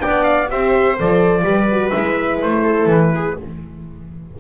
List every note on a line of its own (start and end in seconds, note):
0.00 0.52 B3
0.00 0.48 D4
0.00 0.51 D5
0.00 0.24 G5
0.24 0.48 F5
0.49 1.00 C4
0.49 0.97 G4
0.49 1.44 C5
0.49 0.99 E5
0.97 1.44 F3
0.97 1.43 A4
0.97 1.90 D5
1.43 1.92 G3
1.43 1.67 G4
1.43 2.64 B4
1.72 1.93 F#4
1.90 2.42 G#3
1.90 3.37 E4
1.90 2.38 E5
2.42 2.86 A3
2.42 2.91 C5
2.64 3.12 A4
2.86 3.34 E3
2.86 3.40 B4
3.15 3.39 G#4